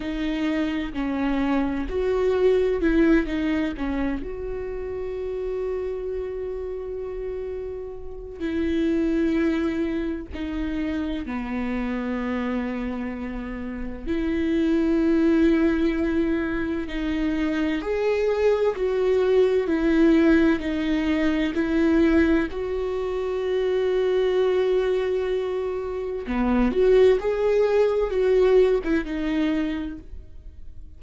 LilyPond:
\new Staff \with { instrumentName = "viola" } { \time 4/4 \tempo 4 = 64 dis'4 cis'4 fis'4 e'8 dis'8 | cis'8 fis'2.~ fis'8~ | fis'4 e'2 dis'4 | b2. e'4~ |
e'2 dis'4 gis'4 | fis'4 e'4 dis'4 e'4 | fis'1 | b8 fis'8 gis'4 fis'8. e'16 dis'4 | }